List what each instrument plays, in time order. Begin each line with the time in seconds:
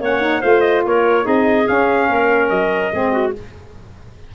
0.00 tuba A#3, saxophone C#4, clarinet C#5, trumpet F#5
0.20 saxophone D#4
0.41 tuba A3, saxophone F4, clarinet C5, trumpet F5
0.61 trumpet D#5
0.85 tuba A#3, clarinet A#4, trumpet C#5
1.22 tuba C4, saxophone D#4, clarinet G#4, trumpet D#5
1.65 saxophone C#4, tuba C#4, trumpet F5
2.09 tuba A#3, clarinet A#4
2.49 tuba F#3, trumpet D#5
2.92 tuba G#3, saxophone C4, clarinet G#4
3.12 clarinet F#4